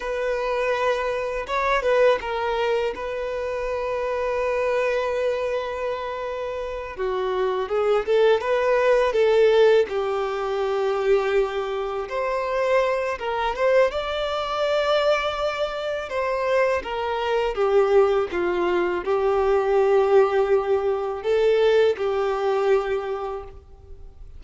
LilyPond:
\new Staff \with { instrumentName = "violin" } { \time 4/4 \tempo 4 = 82 b'2 cis''8 b'8 ais'4 | b'1~ | b'4. fis'4 gis'8 a'8 b'8~ | b'8 a'4 g'2~ g'8~ |
g'8 c''4. ais'8 c''8 d''4~ | d''2 c''4 ais'4 | g'4 f'4 g'2~ | g'4 a'4 g'2 | }